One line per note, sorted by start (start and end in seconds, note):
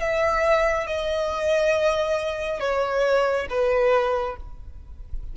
0.00 0.87 E5
0.87 2.60 D#5
2.60 3.47 C#5
3.50 4.37 B4